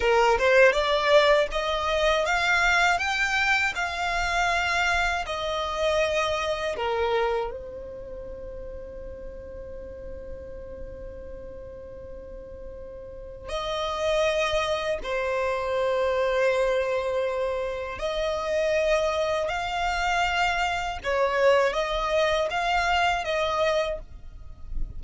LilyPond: \new Staff \with { instrumentName = "violin" } { \time 4/4 \tempo 4 = 80 ais'8 c''8 d''4 dis''4 f''4 | g''4 f''2 dis''4~ | dis''4 ais'4 c''2~ | c''1~ |
c''2 dis''2 | c''1 | dis''2 f''2 | cis''4 dis''4 f''4 dis''4 | }